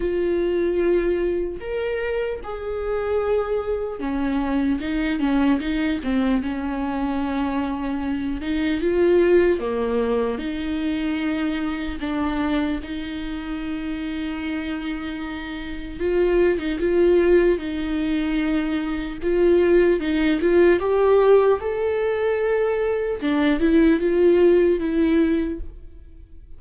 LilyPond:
\new Staff \with { instrumentName = "viola" } { \time 4/4 \tempo 4 = 75 f'2 ais'4 gis'4~ | gis'4 cis'4 dis'8 cis'8 dis'8 c'8 | cis'2~ cis'8 dis'8 f'4 | ais4 dis'2 d'4 |
dis'1 | f'8. dis'16 f'4 dis'2 | f'4 dis'8 f'8 g'4 a'4~ | a'4 d'8 e'8 f'4 e'4 | }